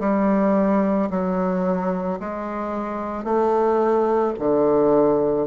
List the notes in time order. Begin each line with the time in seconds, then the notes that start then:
0.00 G3
1.10 F#3
2.20 G#3
3.24 A3
4.39 D3